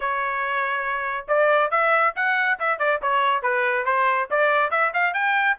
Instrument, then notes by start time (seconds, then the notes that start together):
trumpet
0.00 C#5
1.27 D5
1.70 E5
2.15 F#5
2.59 E5
2.79 D5
3.02 C#5
3.42 B4
3.85 C5
4.30 D5
4.70 E5
4.93 F5
5.13 G5